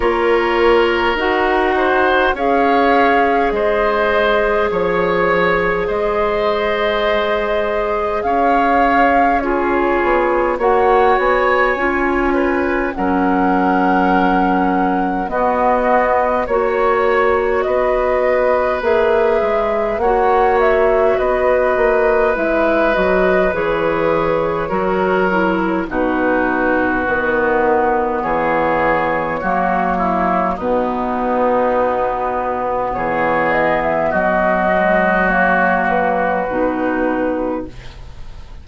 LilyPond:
<<
  \new Staff \with { instrumentName = "flute" } { \time 4/4 \tempo 4 = 51 cis''4 fis''4 f''4 dis''4 | cis''4 dis''2 f''4 | cis''4 fis''8 gis''4. fis''4~ | fis''4 dis''4 cis''4 dis''4 |
e''4 fis''8 e''8 dis''4 e''8 dis''8 | cis''2 b'2 | cis''2 b'2 | cis''8 dis''16 e''16 dis''4 cis''8 b'4. | }
  \new Staff \with { instrumentName = "oboe" } { \time 4/4 ais'4. c''8 cis''4 c''4 | cis''4 c''2 cis''4 | gis'4 cis''4. b'8 ais'4~ | ais'4 fis'4 cis''4 b'4~ |
b'4 cis''4 b'2~ | b'4 ais'4 fis'2 | gis'4 fis'8 e'8 dis'2 | gis'4 fis'2. | }
  \new Staff \with { instrumentName = "clarinet" } { \time 4/4 f'4 fis'4 gis'2~ | gis'1 | f'4 fis'4 f'4 cis'4~ | cis'4 b4 fis'2 |
gis'4 fis'2 e'8 fis'8 | gis'4 fis'8 e'8 dis'4 b4~ | b4 ais4 b2~ | b4. gis8 ais4 dis'4 | }
  \new Staff \with { instrumentName = "bassoon" } { \time 4/4 ais4 dis'4 cis'4 gis4 | f4 gis2 cis'4~ | cis'8 b8 ais8 b8 cis'4 fis4~ | fis4 b4 ais4 b4 |
ais8 gis8 ais4 b8 ais8 gis8 fis8 | e4 fis4 b,4 dis4 | e4 fis4 b,2 | e4 fis2 b,4 | }
>>